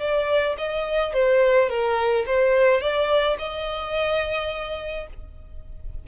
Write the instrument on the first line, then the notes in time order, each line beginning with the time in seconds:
violin
0.00 D5
0.58 D#5
1.14 C5
1.69 A#4
2.26 C5
2.81 D5
3.39 D#5